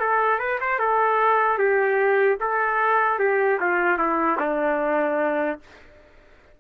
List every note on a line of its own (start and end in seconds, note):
0.00 0.39 A4
0.39 0.59 B4
0.61 0.79 C5
0.79 1.59 A4
1.59 2.39 G4
2.41 3.19 A4
3.19 3.59 G4
3.60 3.98 F4
3.98 4.38 E4
4.40 5.60 D4